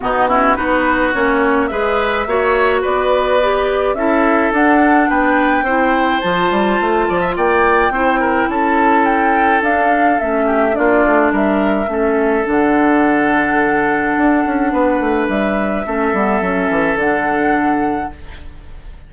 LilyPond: <<
  \new Staff \with { instrumentName = "flute" } { \time 4/4 \tempo 4 = 106 fis'4 b'4 cis''4 e''4~ | e''4 d''2 e''4 | fis''4 g''2 a''4~ | a''4 g''2 a''4 |
g''4 f''4 e''4 d''4 | e''2 fis''2~ | fis''2. e''4~ | e''2 fis''2 | }
  \new Staff \with { instrumentName = "oboe" } { \time 4/4 dis'8 e'8 fis'2 b'4 | cis''4 b'2 a'4~ | a'4 b'4 c''2~ | c''8 d''16 e''16 d''4 c''8 ais'8 a'4~ |
a'2~ a'8 g'8 f'4 | ais'4 a'2.~ | a'2 b'2 | a'1 | }
  \new Staff \with { instrumentName = "clarinet" } { \time 4/4 b8 cis'8 dis'4 cis'4 gis'4 | fis'2 g'4 e'4 | d'2 e'4 f'4~ | f'2 e'2~ |
e'4 d'4 cis'4 d'4~ | d'4 cis'4 d'2~ | d'1 | cis'8 b8 cis'4 d'2 | }
  \new Staff \with { instrumentName = "bassoon" } { \time 4/4 b,4 b4 ais4 gis4 | ais4 b2 cis'4 | d'4 b4 c'4 f8 g8 | a8 f8 ais4 c'4 cis'4~ |
cis'4 d'4 a4 ais8 a8 | g4 a4 d2~ | d4 d'8 cis'8 b8 a8 g4 | a8 g8 fis8 e8 d2 | }
>>